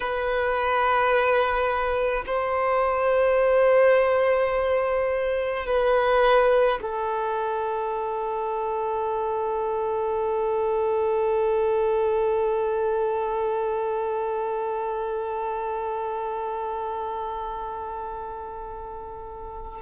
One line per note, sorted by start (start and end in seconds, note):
0.00 2.24 B4
2.26 5.66 C5
5.66 6.79 B4
6.81 19.81 A4